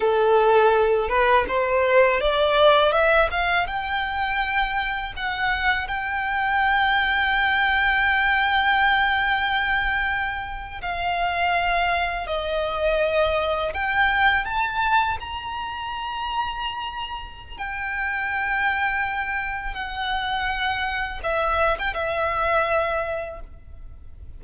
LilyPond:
\new Staff \with { instrumentName = "violin" } { \time 4/4 \tempo 4 = 82 a'4. b'8 c''4 d''4 | e''8 f''8 g''2 fis''4 | g''1~ | g''2~ g''8. f''4~ f''16~ |
f''8. dis''2 g''4 a''16~ | a''8. ais''2.~ ais''16 | g''2. fis''4~ | fis''4 e''8. g''16 e''2 | }